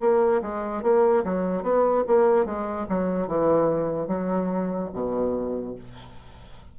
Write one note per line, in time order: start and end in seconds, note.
0.00 0.41 A#3
0.42 0.82 G#3
0.82 1.23 A#3
1.24 1.62 F#3
1.62 2.03 B3
2.07 2.45 A#3
2.45 2.86 G#3
2.89 3.27 F#3
3.27 4.07 E3
4.07 4.89 F#3
4.93 5.75 B2